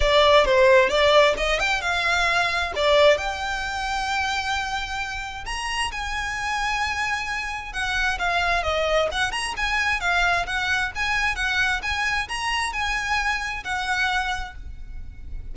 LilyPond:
\new Staff \with { instrumentName = "violin" } { \time 4/4 \tempo 4 = 132 d''4 c''4 d''4 dis''8 g''8 | f''2 d''4 g''4~ | g''1 | ais''4 gis''2.~ |
gis''4 fis''4 f''4 dis''4 | fis''8 ais''8 gis''4 f''4 fis''4 | gis''4 fis''4 gis''4 ais''4 | gis''2 fis''2 | }